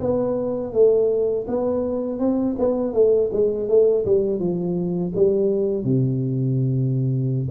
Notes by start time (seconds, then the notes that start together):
0.00 B3
0.74 A3
1.48 B3
2.20 C4
2.59 B3
2.94 A3
3.33 G#3
3.69 A3
4.06 G3
4.40 F3
5.15 G3
5.84 C3